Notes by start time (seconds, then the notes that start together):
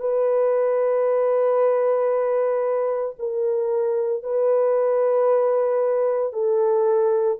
0.00 B4
3.19 A#4
4.23 B4
6.33 A4